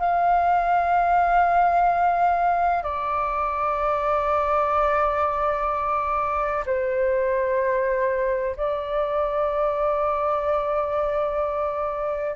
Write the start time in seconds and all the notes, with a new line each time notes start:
0.00 F5
2.83 D5
6.66 C5
8.57 D5